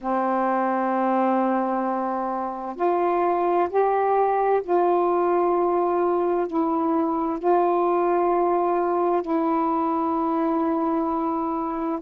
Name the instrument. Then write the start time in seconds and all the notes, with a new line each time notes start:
saxophone
0.00 C4
2.76 F4
3.69 G4
4.63 F4
6.47 E4
7.38 F4
9.22 E4